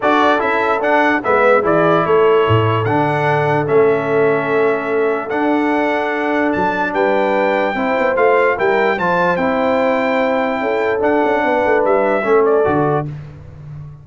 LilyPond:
<<
  \new Staff \with { instrumentName = "trumpet" } { \time 4/4 \tempo 4 = 147 d''4 e''4 fis''4 e''4 | d''4 cis''2 fis''4~ | fis''4 e''2.~ | e''4 fis''2. |
a''4 g''2. | f''4 g''4 a''4 g''4~ | g''2. fis''4~ | fis''4 e''4. d''4. | }
  \new Staff \with { instrumentName = "horn" } { \time 4/4 a'2. b'4 | gis'4 a'2.~ | a'1~ | a'1~ |
a'4 b'2 c''4~ | c''4 ais'4 c''2~ | c''2 a'2 | b'2 a'2 | }
  \new Staff \with { instrumentName = "trombone" } { \time 4/4 fis'4 e'4 d'4 b4 | e'2. d'4~ | d'4 cis'2.~ | cis'4 d'2.~ |
d'2. e'4 | f'4 e'4 f'4 e'4~ | e'2. d'4~ | d'2 cis'4 fis'4 | }
  \new Staff \with { instrumentName = "tuba" } { \time 4/4 d'4 cis'4 d'4 gis4 | e4 a4 a,4 d4~ | d4 a2.~ | a4 d'2. |
fis4 g2 c'8 b8 | a4 g4 f4 c'4~ | c'2 cis'4 d'8 cis'8 | b8 a8 g4 a4 d4 | }
>>